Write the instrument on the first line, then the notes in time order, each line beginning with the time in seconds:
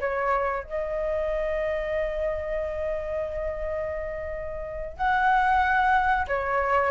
flute
0.00 C#5
0.63 D#5
4.97 F#5
6.28 C#5